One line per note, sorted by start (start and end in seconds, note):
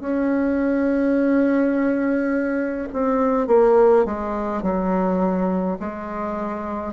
0.00 2.88 C#4
2.93 3.47 C4
3.47 4.05 A#3
4.05 4.62 G#3
4.62 5.77 F#3
5.80 6.93 G#3